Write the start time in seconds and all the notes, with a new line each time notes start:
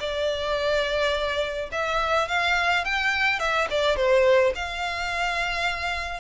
0.00 D5
1.72 E5
2.28 F5
2.85 G5
3.39 E5
3.70 D5
3.96 C5
4.55 F5